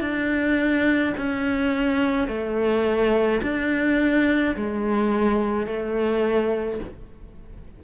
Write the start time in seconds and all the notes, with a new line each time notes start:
0.00 D4
1.17 C#4
2.27 A3
3.42 D4
4.56 G#3
5.67 A3